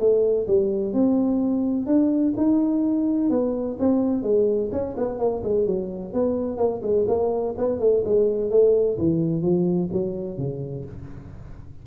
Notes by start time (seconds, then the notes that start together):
0.00 A3
0.47 G3
0.94 C4
1.87 D4
2.37 D#4
3.30 B3
3.79 C4
4.23 G#3
4.72 C#4
4.98 B3
5.19 A#3
5.44 G#3
5.66 F#3
6.14 B3
6.58 A#3
6.83 G#3
7.08 A#3
7.58 B3
7.80 A3
8.05 G#3
8.51 A3
8.98 E3
9.42 F3
9.93 F#3
10.38 C#3